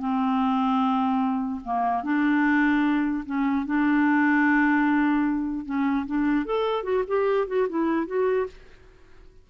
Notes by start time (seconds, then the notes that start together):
0.00 C4
1.64 A#3
2.04 D4
3.26 C#4
3.66 D4
5.66 C#4
6.07 D4
6.46 A4
6.84 F#4
7.08 G4
7.48 F#4
7.69 E4
8.07 F#4